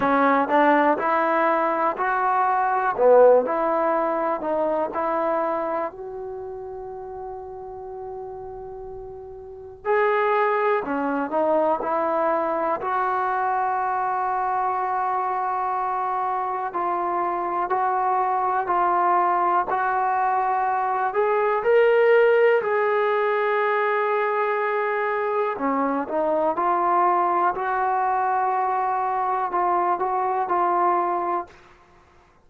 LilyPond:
\new Staff \with { instrumentName = "trombone" } { \time 4/4 \tempo 4 = 61 cis'8 d'8 e'4 fis'4 b8 e'8~ | e'8 dis'8 e'4 fis'2~ | fis'2 gis'4 cis'8 dis'8 | e'4 fis'2.~ |
fis'4 f'4 fis'4 f'4 | fis'4. gis'8 ais'4 gis'4~ | gis'2 cis'8 dis'8 f'4 | fis'2 f'8 fis'8 f'4 | }